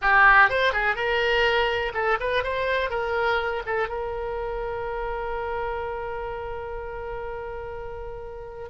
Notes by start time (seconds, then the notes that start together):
0.01 G4
0.49 C5
0.73 G#4
0.95 A#4
1.94 A4
2.20 B4
2.43 C5
2.90 A#4
3.66 A4
3.88 A#4